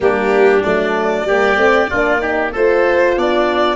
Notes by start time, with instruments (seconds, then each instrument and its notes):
0.00 tuba G3, horn A#3, oboe D4, violin G4
0.62 tuba F#3, horn A3, violin D5
1.24 tuba G3, horn A#3, oboe G4
1.56 tuba A3, horn C4
1.89 tuba A#3, horn D4, oboe F4
2.19 horn D#4, oboe G4
2.52 tuba A3, horn F4, oboe A4, violin C5
3.16 tuba B3, oboe D4, violin D5